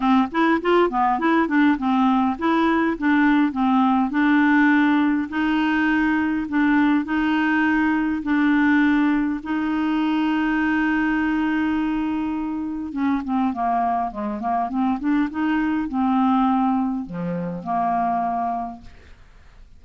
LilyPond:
\new Staff \with { instrumentName = "clarinet" } { \time 4/4 \tempo 4 = 102 c'8 e'8 f'8 b8 e'8 d'8 c'4 | e'4 d'4 c'4 d'4~ | d'4 dis'2 d'4 | dis'2 d'2 |
dis'1~ | dis'2 cis'8 c'8 ais4 | gis8 ais8 c'8 d'8 dis'4 c'4~ | c'4 f4 ais2 | }